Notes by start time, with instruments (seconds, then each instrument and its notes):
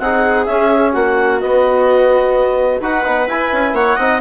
0.00 bassoon C4, trombone D#4, viola G#4, clarinet F#5
0.46 trombone C#4, bassoon C#4, clarinet E5
0.93 bassoon A#3, viola F#4, clarinet F#5
1.40 trombone B3, bassoon B3, clarinet D#5
2.81 bassoon D#4, trombone F#4, viola B4, clarinet F#5
3.04 bassoon B3, trombone D#4
3.28 bassoon E4, trombone E4, clarinet G#5
3.53 bassoon C#4
3.73 bassoon A#3, viola C#5, clarinet F#5
3.96 bassoon C4, trombone D#4, viola D#5